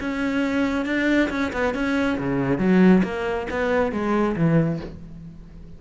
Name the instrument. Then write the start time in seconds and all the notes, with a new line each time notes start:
cello
0.00 C#4
0.85 D4
1.30 C#4
1.52 B3
1.74 C#4
2.18 C#3
2.58 F#3
3.03 A#3
3.50 B3
3.92 G#3
4.36 E3